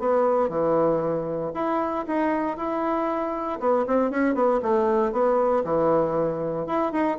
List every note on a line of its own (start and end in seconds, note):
0.00 0.49 B3
0.49 1.52 E3
1.55 2.06 E4
2.08 2.57 D#4
2.57 3.60 E4
3.60 3.86 B3
3.88 4.11 C4
4.11 4.35 C#4
4.35 4.61 B3
4.63 5.13 A3
5.13 5.64 B3
5.65 6.67 E3
6.67 6.93 E4
6.93 7.18 D#4